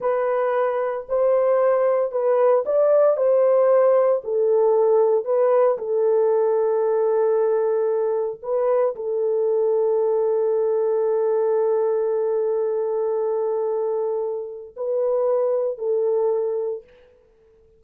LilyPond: \new Staff \with { instrumentName = "horn" } { \time 4/4 \tempo 4 = 114 b'2 c''2 | b'4 d''4 c''2 | a'2 b'4 a'4~ | a'1 |
b'4 a'2.~ | a'1~ | a'1 | b'2 a'2 | }